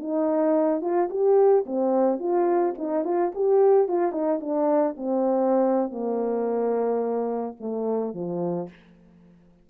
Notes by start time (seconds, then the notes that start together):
0.00 D#4
0.82 F4
1.10 G4
1.66 C4
2.20 F4
2.78 D#4
3.05 F4
3.35 G4
3.88 F4
4.12 D#4
4.41 D4
4.97 C4
5.91 A#3
7.60 A3
8.15 F3